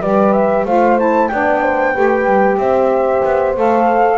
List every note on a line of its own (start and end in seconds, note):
0.00 0.65 G3
0.00 0.67 G4
0.00 0.66 B4
0.00 0.32 D5
0.32 0.64 E5
0.65 1.29 A3
0.65 0.97 F4
0.65 1.30 C5
0.65 0.98 F5
0.97 1.30 E4
0.97 1.27 A5
1.27 1.96 B3
1.27 1.94 D4
1.27 1.62 D5
1.27 2.56 G5
1.62 1.94 C5
1.94 2.25 A3
1.94 3.55 G4
1.94 2.58 B4
2.25 2.57 G3
2.57 3.22 C4
2.57 4.17 C5
2.57 3.55 E5
3.25 3.57 B3
3.55 4.17 A3
3.55 4.17 A4
3.55 4.17 F5